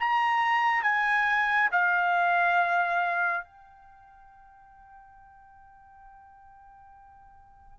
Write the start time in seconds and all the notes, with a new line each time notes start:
0.00 A#5
0.83 G#5
1.72 F5
3.45 G5